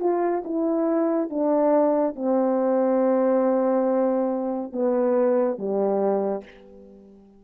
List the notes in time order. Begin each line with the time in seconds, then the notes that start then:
0.00 F4
0.44 E4
1.30 D4
2.15 C4
4.73 B3
5.58 G3